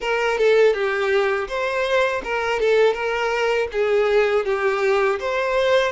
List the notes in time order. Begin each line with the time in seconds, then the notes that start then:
0.00 A#4
0.38 A4
0.73 G4
1.47 C5
2.24 A#4
2.59 A4
2.93 A#4
3.72 G#4
4.45 G4
5.19 C5